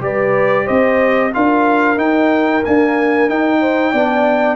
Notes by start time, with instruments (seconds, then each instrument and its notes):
0.00 tuba G3, trombone G4, horn B4, trumpet D5
0.65 tuba C4, horn C5, trumpet D#5
1.33 tuba D4, trombone F4, horn A#4, trumpet F5
1.96 tuba D#4, trombone D#4, trumpet G5
2.64 trombone A#3, tuba D4, trumpet G#5
3.29 tuba D#4, trombone D#4, trumpet G5
3.60 horn C5
3.91 tuba B3, trombone D4, horn D5